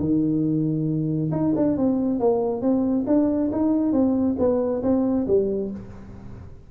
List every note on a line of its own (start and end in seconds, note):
0.00 1.31 D#3
1.32 1.54 D#4
1.57 1.78 D4
1.78 2.20 C4
2.20 2.62 A#3
2.62 3.06 C4
3.07 3.51 D4
3.52 3.93 D#4
3.93 4.37 C4
4.39 4.83 B3
4.83 5.27 C4
5.28 5.71 G3